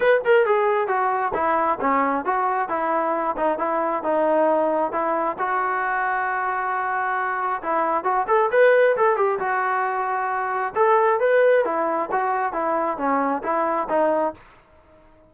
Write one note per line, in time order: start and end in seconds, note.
0.00 0.21 B4
0.24 0.46 A#4
0.46 0.87 G#4
0.87 1.32 F#4
1.34 1.78 E4
1.80 2.25 C#4
2.25 2.68 F#4
2.68 3.35 E4
3.36 3.58 D#4
3.58 4.03 E4
4.03 4.92 D#4
4.92 5.36 E4
5.38 7.62 F#4
7.62 8.04 E4
8.04 8.26 F#4
8.27 8.50 A4
8.51 8.96 B4
8.97 9.16 A4
9.16 9.38 G4
9.39 10.73 F#4
10.75 11.19 A4
11.20 11.64 B4
11.64 12.09 E4
12.11 12.53 F#4
12.53 12.97 E4
12.97 13.42 C#4
13.43 13.87 E4
13.89 14.34 D#4